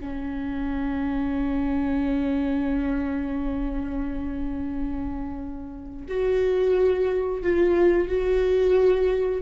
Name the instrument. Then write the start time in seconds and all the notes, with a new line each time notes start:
viola
0.00 C#4
6.08 F#4
7.42 F4
8.08 F#4